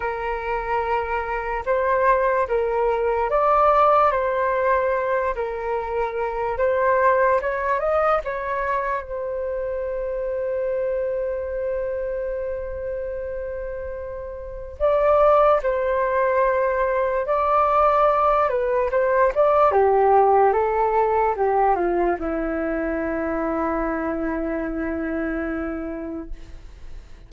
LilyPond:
\new Staff \with { instrumentName = "flute" } { \time 4/4 \tempo 4 = 73 ais'2 c''4 ais'4 | d''4 c''4. ais'4. | c''4 cis''8 dis''8 cis''4 c''4~ | c''1~ |
c''2 d''4 c''4~ | c''4 d''4. b'8 c''8 d''8 | g'4 a'4 g'8 f'8 e'4~ | e'1 | }